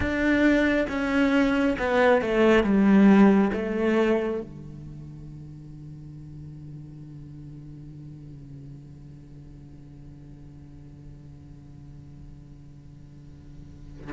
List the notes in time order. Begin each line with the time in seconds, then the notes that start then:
0.00 D4
0.88 C#4
1.78 B3
2.21 A3
2.63 G3
3.53 A3
4.41 D3